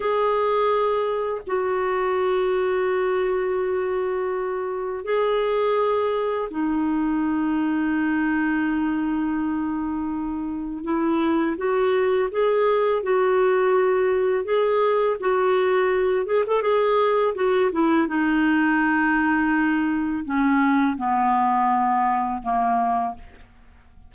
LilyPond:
\new Staff \with { instrumentName = "clarinet" } { \time 4/4 \tempo 4 = 83 gis'2 fis'2~ | fis'2. gis'4~ | gis'4 dis'2.~ | dis'2. e'4 |
fis'4 gis'4 fis'2 | gis'4 fis'4. gis'16 a'16 gis'4 | fis'8 e'8 dis'2. | cis'4 b2 ais4 | }